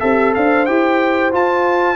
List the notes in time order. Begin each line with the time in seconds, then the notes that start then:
0.00 C4 G4 A4 E5
0.34 D4 C5 F5
0.66 E4 G4 G5
1.32 F4 A5